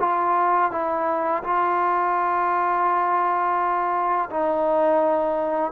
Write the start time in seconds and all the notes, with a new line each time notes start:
0.00 F4
0.71 E4
1.44 F4
4.30 D#4